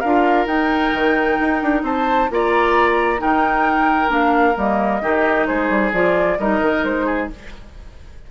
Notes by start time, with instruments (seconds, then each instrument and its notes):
0.00 bassoon D4, clarinet F4, oboe A#4, flute F5
0.46 bassoon D#4, clarinet D#4, flute G5
0.93 bassoon D#3
1.40 bassoon D#4
1.62 bassoon D4
1.82 bassoon C4, oboe C5, flute A5
2.30 bassoon A#3, clarinet F4, oboe D5, flute A#5
3.18 bassoon D#3, clarinet D#4, oboe A#4, flute G5
4.07 bassoon A#3, clarinet D4, flute F5
4.56 bassoon G3, clarinet A#3, flute D#5
5.02 bassoon D#3, clarinet D#4, oboe G4
5.46 bassoon G#3, oboe G#4, flute C5
5.69 bassoon G3
5.92 bassoon F3, clarinet F4, flute D5
6.38 bassoon G3, clarinet D#4, oboe A#4, flute D#5
6.61 bassoon D#3
6.84 bassoon G#3, flute C5
7.05 oboe G#4